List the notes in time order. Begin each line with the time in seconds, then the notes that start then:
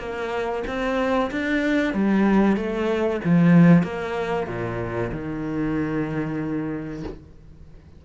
0.00 A#3
0.67 C4
1.31 D4
1.94 G3
2.57 A3
3.25 F3
3.84 A#3
4.48 A#2
5.12 D#3